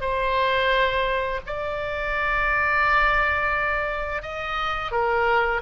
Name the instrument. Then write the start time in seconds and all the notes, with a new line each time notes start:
oboe
0.00 C5
1.46 D5
4.22 D#5
4.91 A#4